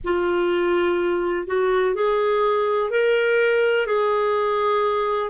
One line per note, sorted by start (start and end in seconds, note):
0.04 1.47 F4
1.47 1.94 F#4
1.94 2.90 G#4
2.90 3.86 A#4
3.86 5.30 G#4